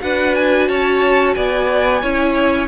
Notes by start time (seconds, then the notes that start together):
0.00 D4 F#4 B4 F#5
0.35 G#5
0.68 C#4 C#5 A5
1.34 B3 D5 G#5
2.02 C#4 E4 C#5